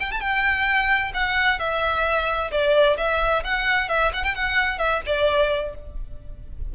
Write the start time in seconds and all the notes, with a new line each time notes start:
0.00 G5
0.11 A5
0.20 G5
1.14 F#5
1.59 E5
2.51 D5
2.97 E5
3.44 F#5
3.89 E5
4.13 F#5
4.24 G5
4.34 F#5
4.78 E5
5.06 D5